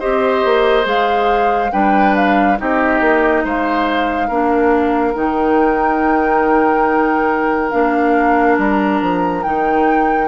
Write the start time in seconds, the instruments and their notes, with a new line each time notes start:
0.00 bassoon C4, clarinet G4, oboe C5, flute D#5
0.44 bassoon A#3
0.84 bassoon G#3, clarinet G#4, flute F5
1.72 bassoon G3, clarinet D4, oboe B4, flute G5
2.16 flute F5
2.58 bassoon C4, clarinet D#4, oboe G4, flute D#5
3.01 bassoon A#3
3.44 bassoon G#3, oboe C5, flute F5
4.28 bassoon A#3, clarinet D4, oboe A#4
5.14 bassoon D#3, clarinet D#4, flute G5
7.71 bassoon A#3, clarinet D4, flute F5
8.58 bassoon G3, flute A#5
9.01 bassoon F3
9.43 bassoon D#3, clarinet D#4, flute G5